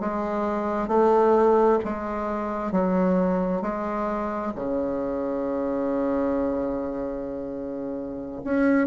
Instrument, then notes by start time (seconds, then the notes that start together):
bassoon
0.00 G#3
0.88 A3
1.84 G#3
2.71 F#3
3.62 G#3
4.55 C#3
8.44 C#4